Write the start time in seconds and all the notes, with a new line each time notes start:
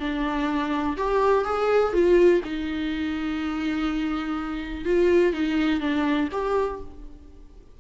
0.00 D4
0.97 G4
1.45 G#4
1.93 F4
2.45 D#4
4.85 F4
5.33 D#4
5.80 D4
6.32 G4